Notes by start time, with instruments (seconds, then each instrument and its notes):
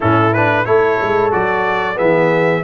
0.00 tuba A2, trombone C#4, horn E4, trumpet A4
0.33 trombone D4, trumpet B4
0.65 tuba A3, trombone E4, horn A4, trumpet C#5
1.01 tuba G#3
1.31 tuba F#3, trombone F#4, trumpet D5
1.95 tuba E3, trombone B3, horn G#4, trumpet E5